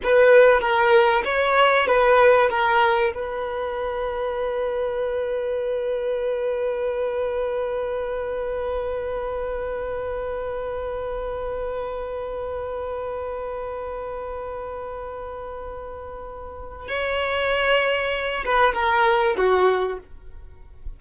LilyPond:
\new Staff \with { instrumentName = "violin" } { \time 4/4 \tempo 4 = 96 b'4 ais'4 cis''4 b'4 | ais'4 b'2.~ | b'1~ | b'1~ |
b'1~ | b'1~ | b'2. cis''4~ | cis''4. b'8 ais'4 fis'4 | }